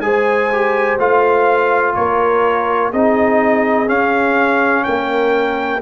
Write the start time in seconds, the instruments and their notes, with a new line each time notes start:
0.00 tuba G#3, trombone G#4, horn C5, trumpet G#5
0.53 trombone G4
0.99 tuba A3, trombone F4, trumpet F5
1.95 tuba A#3, horn A#4, trumpet C#5
2.91 tuba C4, trombone D#4, horn G#4, trumpet D#5
3.87 trombone C#4, tuba C#4, trumpet F5
4.84 tuba A#3, horn A#4, trumpet G5